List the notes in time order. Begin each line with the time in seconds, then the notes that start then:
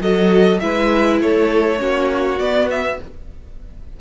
0.00 F#3 F#4 A4 D#5
0.60 G#3 E4 B4 E5
1.22 A3 A4 C#5
1.79 A#3 C#4 F#4
2.39 B3 D5
2.71 E5